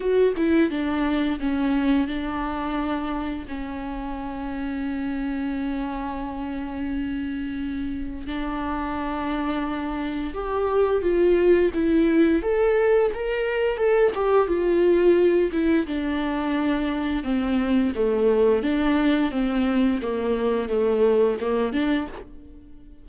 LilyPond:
\new Staff \with { instrumentName = "viola" } { \time 4/4 \tempo 4 = 87 fis'8 e'8 d'4 cis'4 d'4~ | d'4 cis'2.~ | cis'1 | d'2. g'4 |
f'4 e'4 a'4 ais'4 | a'8 g'8 f'4. e'8 d'4~ | d'4 c'4 a4 d'4 | c'4 ais4 a4 ais8 d'8 | }